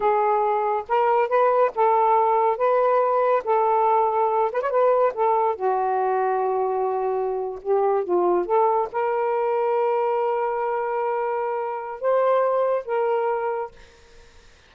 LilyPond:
\new Staff \with { instrumentName = "saxophone" } { \time 4/4 \tempo 4 = 140 gis'2 ais'4 b'4 | a'2 b'2 | a'2~ a'8 b'16 cis''16 b'4 | a'4 fis'2.~ |
fis'4.~ fis'16 g'4 f'4 a'16~ | a'8. ais'2.~ ais'16~ | ais'1 | c''2 ais'2 | }